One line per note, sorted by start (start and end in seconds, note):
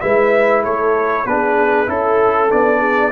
0.00 0.65 G#3
0.00 1.26 E4
0.00 0.62 B4
0.00 0.62 E5
0.62 1.25 A3
0.62 1.25 A4
0.62 1.26 C#5
1.25 1.87 B3
1.25 1.86 D4
1.25 1.89 G#4
1.25 1.89 B4
1.86 2.51 C#4
1.86 2.48 E4
1.86 2.79 A4
1.86 2.51 A4
2.50 3.12 B3
2.50 3.12 D4
2.50 3.12 D5
2.79 3.11 G#4